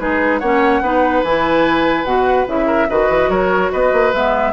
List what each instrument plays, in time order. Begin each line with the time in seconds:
0.00 bassoon G#3, clarinet D#4, oboe G#4, flute B4
0.39 bassoon A#3, clarinet C#4, oboe C#5, flute F#5
0.82 bassoon B3, clarinet D#4, oboe B4
1.23 bassoon E3, clarinet E4, flute G#5
2.05 bassoon B2, clarinet F#4, flute F#5
2.47 bassoon C#3, clarinet E4, flute E5
2.67 oboe A#4
2.90 bassoon D#3, clarinet F#4, oboe B4, flute D#5
3.09 bassoon E3
3.29 bassoon F#3, oboe A#4, flute C#5
3.72 bassoon B3, oboe B4, flute D#5
3.93 bassoon A#3
4.14 bassoon G#3, clarinet B3, flute E5